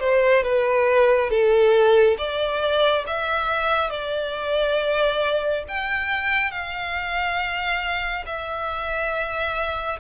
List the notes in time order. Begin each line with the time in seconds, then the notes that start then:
0.00 C5
0.43 B4
1.30 A4
2.18 D5
3.07 E5
3.90 D5
5.68 G5
6.51 F5
8.26 E5